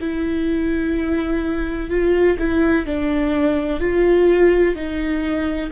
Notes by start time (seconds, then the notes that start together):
0.00 E4
1.90 F4
2.39 E4
2.86 D4
3.80 F4
4.75 D#4